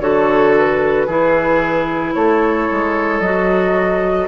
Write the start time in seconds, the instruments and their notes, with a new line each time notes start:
0.00 bassoon D3, clarinet F#4, oboe A4, flute C#5
0.57 flute B4
1.07 bassoon E3, clarinet E4, oboe G#4
2.14 bassoon A3, oboe A4, flute C#5
2.71 bassoon G#3
3.20 bassoon F#3, clarinet F#4, flute D#5